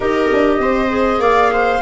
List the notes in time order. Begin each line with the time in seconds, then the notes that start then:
0.00 D#4 G4 A#4 D#5
0.32 D4
0.58 C4 C5
0.88 G#4
1.19 A#3 D5 F5
1.52 C5